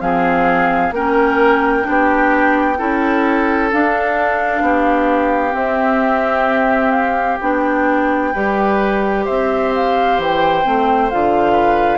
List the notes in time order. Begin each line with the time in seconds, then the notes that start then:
0.00 F3 C4 G#4 F5
0.91 A#3 C#4 A#4 G5
1.83 B3 D4 G4
2.77 C#4 E4 A4
3.72 D4 F5
4.61 B3 G4
5.51 C4 E5
6.91 F5
7.41 B3 D4 G5
8.32 G3 G4 B4
9.24 C4 C5 E5
9.74 F5
10.18 E3 G5
10.64 A3 C4
11.10 D3 F4 F5
11.52 B4